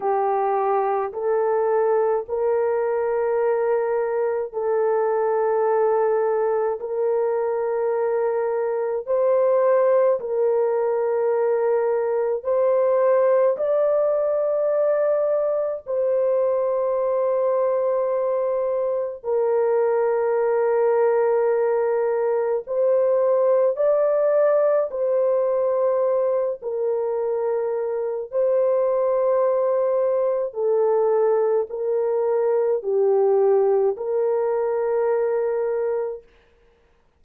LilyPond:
\new Staff \with { instrumentName = "horn" } { \time 4/4 \tempo 4 = 53 g'4 a'4 ais'2 | a'2 ais'2 | c''4 ais'2 c''4 | d''2 c''2~ |
c''4 ais'2. | c''4 d''4 c''4. ais'8~ | ais'4 c''2 a'4 | ais'4 g'4 ais'2 | }